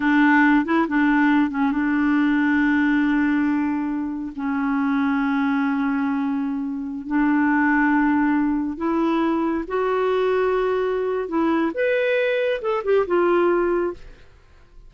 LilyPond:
\new Staff \with { instrumentName = "clarinet" } { \time 4/4 \tempo 4 = 138 d'4. e'8 d'4. cis'8 | d'1~ | d'2 cis'2~ | cis'1~ |
cis'16 d'2.~ d'8.~ | d'16 e'2 fis'4.~ fis'16~ | fis'2 e'4 b'4~ | b'4 a'8 g'8 f'2 | }